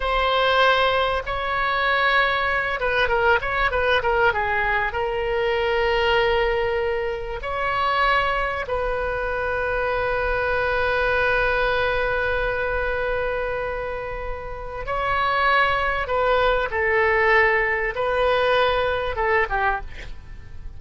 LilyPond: \new Staff \with { instrumentName = "oboe" } { \time 4/4 \tempo 4 = 97 c''2 cis''2~ | cis''8 b'8 ais'8 cis''8 b'8 ais'8 gis'4 | ais'1 | cis''2 b'2~ |
b'1~ | b'1 | cis''2 b'4 a'4~ | a'4 b'2 a'8 g'8 | }